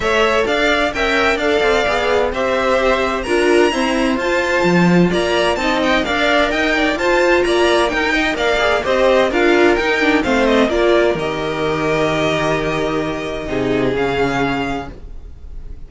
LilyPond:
<<
  \new Staff \with { instrumentName = "violin" } { \time 4/4 \tempo 4 = 129 e''4 f''4 g''4 f''4~ | f''4 e''2 ais''4~ | ais''4 a''2 ais''4 | a''8 g''8 f''4 g''4 a''4 |
ais''4 g''4 f''4 dis''4 | f''4 g''4 f''8 dis''8 d''4 | dis''1~ | dis''2 f''2 | }
  \new Staff \with { instrumentName = "violin" } { \time 4/4 cis''4 d''4 e''4 d''4~ | d''4 c''2 ais'4 | c''2. d''4 | dis''4 d''4 dis''8 d''8 c''4 |
d''4 ais'8 dis''8 d''4 c''4 | ais'2 c''4 ais'4~ | ais'1~ | ais'4 gis'2. | }
  \new Staff \with { instrumentName = "viola" } { \time 4/4 a'2 ais'4 a'4 | gis'4 g'2 f'4 | c'4 f'2. | dis'4 ais'2 f'4~ |
f'4 dis'4 ais'8 gis'8 g'4 | f'4 dis'8 d'8 c'4 f'4 | g'1~ | g'4 dis'4 cis'2 | }
  \new Staff \with { instrumentName = "cello" } { \time 4/4 a4 d'4 cis'4 d'8 c'8 | b4 c'2 d'4 | e'4 f'4 f4 ais4 | c'4 d'4 dis'4 f'4 |
ais4 dis'4 ais4 c'4 | d'4 dis'4 a4 ais4 | dis1~ | dis4 c4 cis2 | }
>>